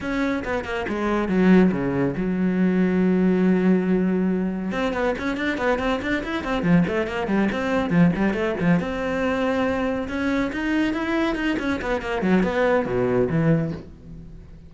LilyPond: \new Staff \with { instrumentName = "cello" } { \time 4/4 \tempo 4 = 140 cis'4 b8 ais8 gis4 fis4 | cis4 fis2.~ | fis2. c'8 b8 | cis'8 d'8 b8 c'8 d'8 e'8 c'8 f8 |
a8 ais8 g8 c'4 f8 g8 a8 | f8 c'2. cis'8~ | cis'8 dis'4 e'4 dis'8 cis'8 b8 | ais8 fis8 b4 b,4 e4 | }